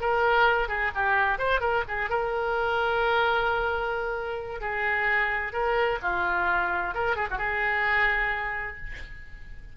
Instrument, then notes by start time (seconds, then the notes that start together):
oboe
0.00 A#4
0.68 G#4
0.94 G4
1.38 C5
1.60 A#4
1.88 G#4
2.09 A#4
4.60 G#4
5.52 A#4
6.02 F4
6.94 A#4
7.15 G#4
7.30 F#4
7.38 G#4